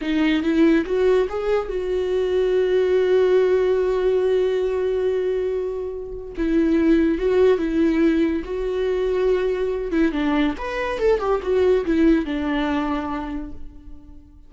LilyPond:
\new Staff \with { instrumentName = "viola" } { \time 4/4 \tempo 4 = 142 dis'4 e'4 fis'4 gis'4 | fis'1~ | fis'1~ | fis'2. e'4~ |
e'4 fis'4 e'2 | fis'2.~ fis'8 e'8 | d'4 b'4 a'8 g'8 fis'4 | e'4 d'2. | }